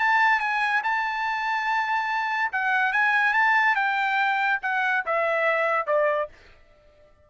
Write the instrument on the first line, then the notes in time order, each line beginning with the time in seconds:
trumpet
0.00 A5
0.40 G#5
0.84 A5
2.53 F#5
2.93 G#5
3.34 A5
3.76 G5
4.62 F#5
5.06 E5
5.87 D5